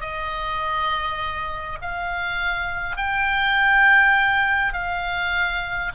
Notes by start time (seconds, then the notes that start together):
0.00 D#5
1.81 F5
2.96 G5
4.73 F5